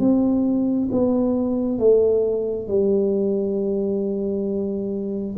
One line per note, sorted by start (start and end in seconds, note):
0.00 0.90 C4
0.92 1.79 B3
1.79 2.68 A3
2.68 5.37 G3